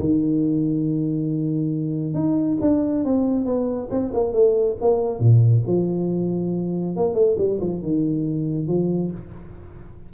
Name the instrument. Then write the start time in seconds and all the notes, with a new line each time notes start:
tuba
0.00 D#3
2.15 D#4
2.61 D4
3.05 C4
3.46 B3
3.91 C4
4.14 A#3
4.34 A3
4.81 A#3
5.20 A#2
5.67 F3
6.96 A#3
7.15 A3
7.39 G3
7.61 F3
7.83 D#3
8.68 F3